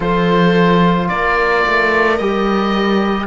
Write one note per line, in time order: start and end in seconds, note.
0.00 1.09 F3
0.00 2.17 F4
0.00 1.08 A4
0.00 1.08 C5
1.08 1.65 A#3
1.08 3.27 A#4
1.08 2.17 D5
1.66 2.19 A3
2.17 3.27 G3
2.17 3.27 G4
2.17 3.26 D#5